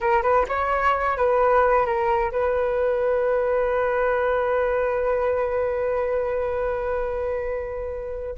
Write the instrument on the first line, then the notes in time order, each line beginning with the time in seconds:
flute
0.00 A#4
0.22 B4
0.48 C#5
1.17 B4
1.86 A#4
2.31 B4